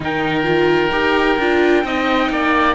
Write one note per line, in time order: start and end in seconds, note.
0.00 0.91 D#3
0.00 0.43 D#4
0.00 1.85 A#4
0.00 2.74 G5
0.43 0.89 F4
0.91 1.37 D#4
0.91 1.38 G4
1.37 1.84 D4
1.37 1.84 F4
1.84 2.29 C4
1.84 2.74 D#4
1.84 2.31 D#5
2.29 2.74 A#3
2.29 2.74 D5